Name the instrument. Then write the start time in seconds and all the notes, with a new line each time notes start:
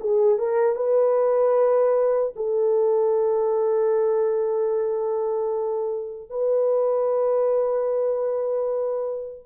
horn
0.00 G#4
0.38 A#4
0.76 B4
2.36 A4
6.29 B4